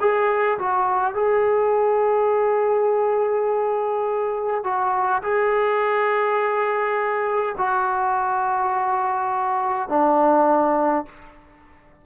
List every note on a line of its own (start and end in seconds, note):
0.00 0.58 G#4
0.59 1.14 F#4
1.14 4.64 G#4
4.64 5.22 F#4
5.23 7.56 G#4
7.58 9.89 F#4
9.89 11.05 D4